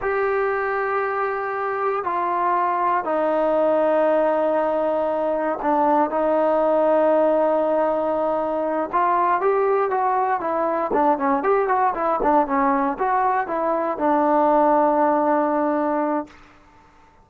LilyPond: \new Staff \with { instrumentName = "trombone" } { \time 4/4 \tempo 4 = 118 g'1 | f'2 dis'2~ | dis'2. d'4 | dis'1~ |
dis'4. f'4 g'4 fis'8~ | fis'8 e'4 d'8 cis'8 g'8 fis'8 e'8 | d'8 cis'4 fis'4 e'4 d'8~ | d'1 | }